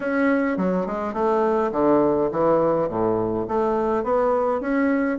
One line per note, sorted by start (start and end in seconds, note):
0.00 0.57 C#4
0.57 0.86 F#3
0.86 1.13 G#3
1.13 1.71 A3
1.72 2.29 D3
2.31 2.88 E3
2.88 3.46 A2
3.48 4.03 A3
4.03 4.60 B3
4.60 5.18 C#4